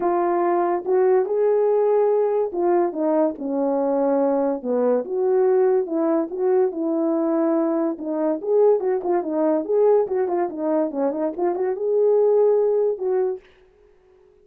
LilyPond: \new Staff \with { instrumentName = "horn" } { \time 4/4 \tempo 4 = 143 f'2 fis'4 gis'4~ | gis'2 f'4 dis'4 | cis'2. b4 | fis'2 e'4 fis'4 |
e'2. dis'4 | gis'4 fis'8 f'8 dis'4 gis'4 | fis'8 f'8 dis'4 cis'8 dis'8 f'8 fis'8 | gis'2. fis'4 | }